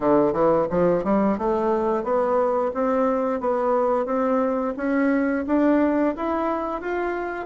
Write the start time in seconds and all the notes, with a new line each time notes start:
0.00 D3
0.32 E3
0.70 F3
1.04 G3
1.38 A3
2.03 B3
2.74 C4
3.40 B3
4.05 C4
4.76 C#4
5.46 D4
6.16 E4
6.81 F4